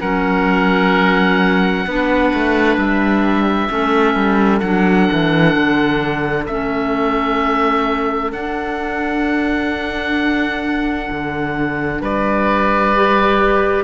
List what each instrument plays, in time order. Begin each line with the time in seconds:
0.00 cello F#3, clarinet C#4, oboe A#4 F#5
1.86 cello B3, clarinet D4, oboe B4
2.34 cello A3
2.77 cello G3, oboe E5
3.69 cello A3, clarinet C#4, oboe A4
4.15 cello G3
4.59 cello F#3, clarinet D4, oboe F#5
5.12 cello E3
5.55 cello D3
6.46 cello A3, clarinet C#4, oboe E5
8.32 cello D4, clarinet D4, oboe F#5
11.10 cello D3
12.01 cello G3, oboe B4 D5
12.95 clarinet G4